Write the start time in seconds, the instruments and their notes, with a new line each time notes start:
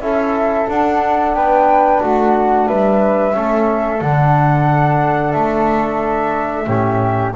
0.00 double bass C#4, trombone E4, flute A4 E5
0.68 trombone D4, double bass D4, flute F#5
1.34 double bass B3, flute B4 G5
2.01 double bass A3, flute F#4 F#5
2.67 double bass G3, flute B4 E5
3.33 double bass A3, trombone C#4, flute A4
4.00 double bass D3, trombone D4, flute F#5
5.32 double bass A3, flute E5
6.67 double bass A2, trombone C#4, flute G4